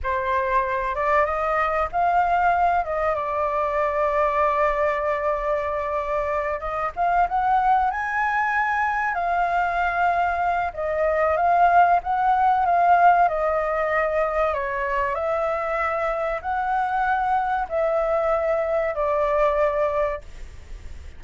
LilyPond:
\new Staff \with { instrumentName = "flute" } { \time 4/4 \tempo 4 = 95 c''4. d''8 dis''4 f''4~ | f''8 dis''8 d''2.~ | d''2~ d''8 dis''8 f''8 fis''8~ | fis''8 gis''2 f''4.~ |
f''4 dis''4 f''4 fis''4 | f''4 dis''2 cis''4 | e''2 fis''2 | e''2 d''2 | }